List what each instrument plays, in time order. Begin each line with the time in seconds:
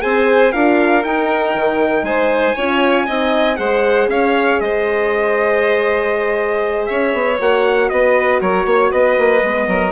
0.00 bassoon C4, horn G#4, violin C5, trumpet G#5
0.52 bassoon D4, horn F4, violin A#4, trumpet F5
1.03 horn D#4, bassoon D#4, trumpet G5
1.54 bassoon D#3
2.03 bassoon G#3, violin C5, trumpet G#5
2.55 bassoon C#4, horn F4, violin C#5
3.07 bassoon C4, horn D#4, violin D#5
3.56 bassoon G#3, horn G#4, violin C5, trumpet F#5
4.08 bassoon C#4, violin C#5, trumpet F5
4.60 bassoon G#3, violin C5, trumpet D#5
6.86 bassoon C#4, violin C#5, trumpet E5
7.13 bassoon B3
7.39 bassoon A#3, horn F#4, trumpet F#5
7.89 bassoon B3, violin B4, trumpet D#5
8.41 bassoon F#3, violin A#4, trumpet C#5
8.65 bassoon A#3, violin C#5
8.91 bassoon B3, violin B4, trumpet D#5
9.18 bassoon A#3
9.43 bassoon G#3, horn B3
9.67 bassoon F#3, violin A#4